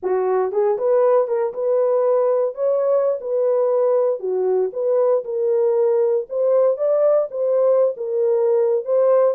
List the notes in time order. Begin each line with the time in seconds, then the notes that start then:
0.02 F#4
0.52 G#4
0.78 B4
1.27 A#4
1.53 B4
2.55 C#5
3.21 B4
4.19 F#4
4.72 B4
5.24 A#4
6.29 C5
6.77 D5
7.31 C5
7.96 A#4
8.84 C5